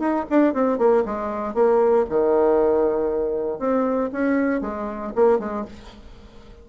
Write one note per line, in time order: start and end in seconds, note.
0.00 0.26 D#4
0.30 0.54 D4
0.54 0.79 C4
0.79 1.04 A#3
1.06 1.55 G#3
1.55 2.06 A#3
2.10 3.59 D#3
3.59 4.11 C4
4.13 4.62 C#4
4.62 5.13 G#3
5.16 5.40 A#3
5.40 5.65 G#3